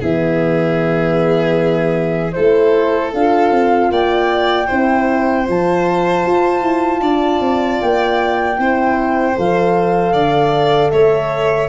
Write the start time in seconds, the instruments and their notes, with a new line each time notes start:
0.00 tuba E3, horn B3, violin G#4, flute E5
2.32 tuba A3, horn E4, violin A4, flute C5
3.13 tuba D4, horn F4, flute F5
3.50 tuba C4
3.90 tuba A#3, violin D5, flute G5
4.66 tuba C4, horn E4, violin C5
5.44 tuba F3, horn F4, flute A5
6.25 tuba F4
6.61 tuba E4
7.00 tuba D4, violin D5
7.40 tuba C4
7.81 tuba A#3, flute G5
8.57 tuba C4, horn E4, violin C5
9.36 tuba F3, horn A4, flute F5
10.12 tuba D3, violin D5
10.90 tuba A3, violin C#5, flute E5